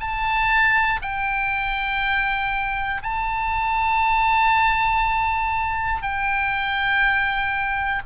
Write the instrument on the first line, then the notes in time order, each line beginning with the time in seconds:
oboe
0.00 A5
1.01 G5
3.03 A5
6.02 G5